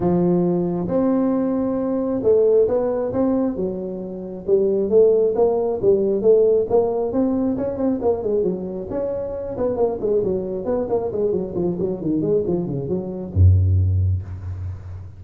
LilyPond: \new Staff \with { instrumentName = "tuba" } { \time 4/4 \tempo 4 = 135 f2 c'2~ | c'4 a4 b4 c'4 | fis2 g4 a4 | ais4 g4 a4 ais4 |
c'4 cis'8 c'8 ais8 gis8 fis4 | cis'4. b8 ais8 gis8 fis4 | b8 ais8 gis8 fis8 f8 fis8 dis8 gis8 | f8 cis8 fis4 fis,2 | }